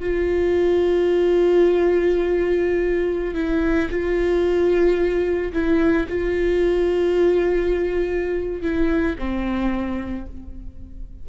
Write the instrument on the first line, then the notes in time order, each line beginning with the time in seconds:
viola
0.00 F4
3.35 E4
3.90 F4
5.53 E4
6.09 F4
8.62 E4
9.18 C4